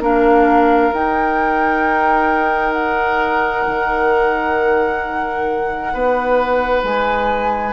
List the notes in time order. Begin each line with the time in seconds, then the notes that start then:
0.00 A#3 D4 A#4 F5
0.93 D#4 G5
2.73 F#5
3.67 D#3
5.93 B3 B4
6.83 G#3 G#5